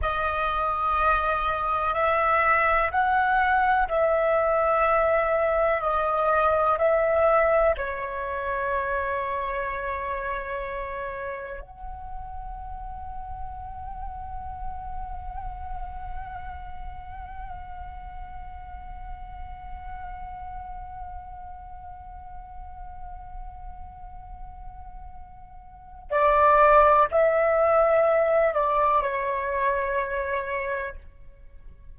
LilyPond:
\new Staff \with { instrumentName = "flute" } { \time 4/4 \tempo 4 = 62 dis''2 e''4 fis''4 | e''2 dis''4 e''4 | cis''1 | fis''1~ |
fis''1~ | fis''1~ | fis''2. d''4 | e''4. d''8 cis''2 | }